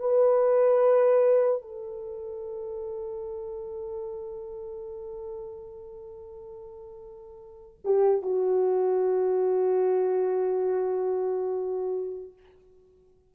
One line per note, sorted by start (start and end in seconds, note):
0.00 1.62 B4
1.62 7.79 A4
7.85 8.23 G4
8.23 12.34 F#4